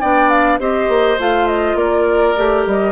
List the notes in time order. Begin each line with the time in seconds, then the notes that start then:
0.00 B3 D4 D5 G5
0.29 F5
0.59 C4 G4 C5 D#5
0.88 A#3
1.18 A3 F4 F5
1.47 D#5
1.74 A#3 A#4 D5
2.35 A3 G4
2.66 G3 D#5